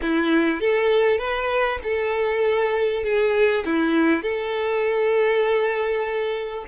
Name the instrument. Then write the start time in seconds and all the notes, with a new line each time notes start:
violin
0.02 E4
0.60 A4
1.18 B4
1.83 A4
3.03 G#4
3.65 E4
4.22 A4